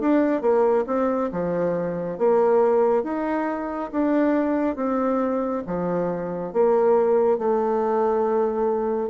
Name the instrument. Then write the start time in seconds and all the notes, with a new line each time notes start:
bassoon
0.00 D4
0.41 A#3
0.87 C4
1.32 F3
2.18 A#3
3.04 D#4
3.92 D4
4.75 C4
5.67 F3
6.53 A#3
7.38 A3